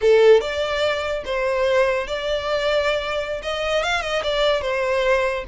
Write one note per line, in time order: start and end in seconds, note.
0.01 0.40 A4
0.40 1.23 D5
1.25 2.07 C5
2.07 3.41 D5
3.42 3.83 D#5
3.83 4.01 F5
4.01 4.22 D#5
4.23 4.61 D5
4.61 5.44 C5